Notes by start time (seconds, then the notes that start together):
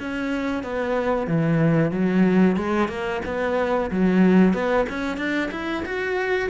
0.00 C#4
0.63 B3
1.28 E3
1.92 F#3
2.57 G#3
2.89 A#3
3.26 B3
3.91 F#3
4.54 B3
4.90 C#4
5.18 D4
5.52 E4
5.86 F#4